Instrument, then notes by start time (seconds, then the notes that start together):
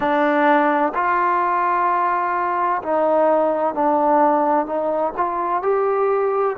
trombone
0.00 D4
0.94 F4
2.82 D#4
3.74 D4
4.66 D#4
5.16 F4
5.62 G4